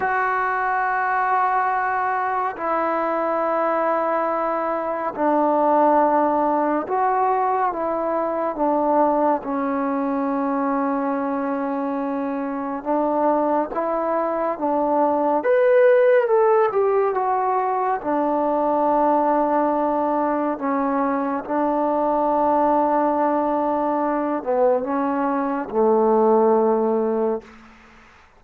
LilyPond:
\new Staff \with { instrumentName = "trombone" } { \time 4/4 \tempo 4 = 70 fis'2. e'4~ | e'2 d'2 | fis'4 e'4 d'4 cis'4~ | cis'2. d'4 |
e'4 d'4 b'4 a'8 g'8 | fis'4 d'2. | cis'4 d'2.~ | d'8 b8 cis'4 a2 | }